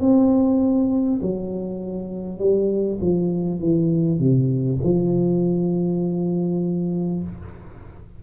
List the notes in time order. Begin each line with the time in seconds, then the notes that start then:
0.00 C4
1.22 F#3
2.38 G3
3.01 F3
3.59 E3
4.19 C3
4.83 F3